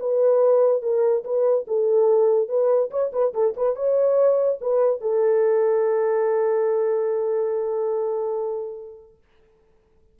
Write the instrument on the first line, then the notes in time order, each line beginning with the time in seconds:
horn
0.00 B4
0.82 A#4
1.24 B4
1.68 A4
2.49 B4
2.91 C#5
3.13 B4
3.34 A4
3.57 B4
3.76 C#5
4.61 B4
5.01 A4